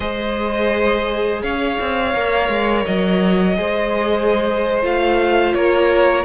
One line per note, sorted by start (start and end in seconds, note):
0.00 1.41 G#3
0.00 2.12 G#4
0.00 1.42 C5
0.00 1.42 D#5
1.42 1.78 C#4
1.42 3.56 C#5
1.42 2.85 F5
1.80 2.14 C4
2.14 2.49 A#3
2.14 3.55 A#4
2.49 2.84 G#3
2.85 3.58 F#3
2.85 4.81 D#5
3.55 4.82 G#3
3.55 4.80 G#4
3.55 5.55 C5
4.82 5.54 A3
4.82 6.24 F4
4.82 5.54 F5
5.54 6.24 A#3
5.54 6.24 A#4
5.54 6.24 C#5